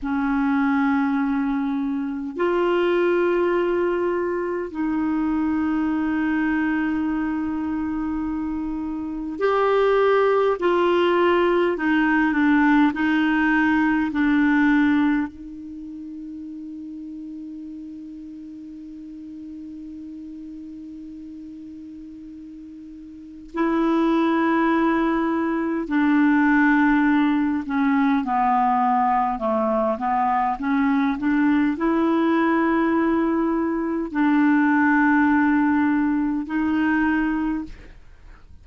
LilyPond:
\new Staff \with { instrumentName = "clarinet" } { \time 4/4 \tempo 4 = 51 cis'2 f'2 | dis'1 | g'4 f'4 dis'8 d'8 dis'4 | d'4 dis'2.~ |
dis'1 | e'2 d'4. cis'8 | b4 a8 b8 cis'8 d'8 e'4~ | e'4 d'2 dis'4 | }